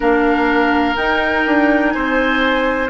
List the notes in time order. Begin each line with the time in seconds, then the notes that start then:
0.00 A#3 D4 A#4 F5
0.95 D#4 G5
1.46 D4
1.90 C4 C5 G#5